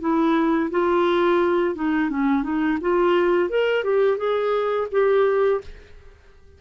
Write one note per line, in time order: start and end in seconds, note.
0.00 0.70 E4
0.70 1.75 F4
1.75 2.10 D#4
2.10 2.43 C#4
2.43 2.78 D#4
2.81 3.49 F4
3.49 3.84 A#4
3.84 4.17 G4
4.17 4.87 G#4
4.91 5.61 G4